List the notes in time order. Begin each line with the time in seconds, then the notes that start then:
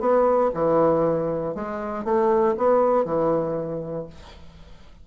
0.00 B3
0.54 E3
1.55 G#3
2.05 A3
2.57 B3
3.05 E3